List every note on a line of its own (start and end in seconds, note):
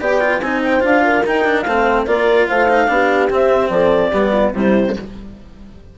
0.00 0.40 B3
0.00 0.21 G4
0.00 0.42 D5
0.00 0.41 G5
0.21 0.41 F4
0.40 0.82 C4
0.40 0.80 D#4
0.40 1.05 C5
0.40 0.61 G#5
0.64 0.84 G5
0.80 1.25 D4
0.80 1.22 F4
0.80 1.26 F5
1.05 1.67 A#4
1.26 1.45 D#4
1.26 1.66 D#4
1.26 1.62 G5
1.45 1.66 D4
1.62 2.07 A3
1.62 2.07 C5
1.62 2.03 F5
1.68 2.07 C4
2.07 2.48 A#3
2.07 2.68 F4
2.07 2.48 A#4
2.07 2.47 D5
2.47 2.89 A3
2.47 2.89 C5
2.47 3.29 F5
2.69 2.88 D#4
2.88 3.30 B3
2.88 3.29 D4
2.88 3.72 G4
3.30 4.12 C4
3.30 3.70 C4
3.30 3.70 E5
3.70 4.11 F3
3.70 4.11 A4
3.70 4.52 D5
4.11 4.52 G3
4.11 4.55 B3
4.11 4.31 G4
4.32 4.53 F4
4.52 4.94 C3
4.52 4.96 G3
4.52 4.96 E4
4.52 4.98 C5